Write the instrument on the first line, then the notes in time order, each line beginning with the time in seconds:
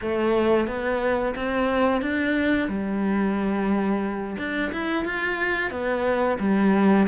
cello
0.01 A3
0.67 B3
1.35 C4
2.01 D4
2.68 G3
4.38 D4
4.72 E4
5.04 F4
5.70 B3
6.39 G3